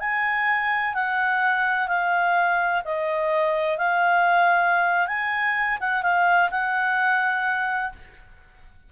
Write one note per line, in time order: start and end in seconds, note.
0.00 0.94 G#5
0.94 1.88 F#5
1.88 2.82 F5
2.85 3.78 D#5
3.78 5.07 F5
5.07 5.78 G#5
5.80 6.03 F#5
6.03 6.50 F5
6.51 7.93 F#5